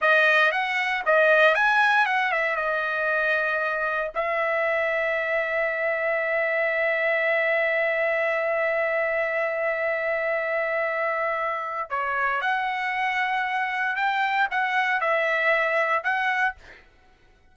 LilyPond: \new Staff \with { instrumentName = "trumpet" } { \time 4/4 \tempo 4 = 116 dis''4 fis''4 dis''4 gis''4 | fis''8 e''8 dis''2. | e''1~ | e''1~ |
e''1~ | e''2. cis''4 | fis''2. g''4 | fis''4 e''2 fis''4 | }